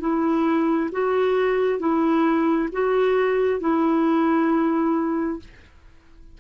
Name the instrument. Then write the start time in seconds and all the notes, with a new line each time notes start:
clarinet
0.00 E4
0.92 F#4
1.80 E4
2.72 F#4
3.60 E4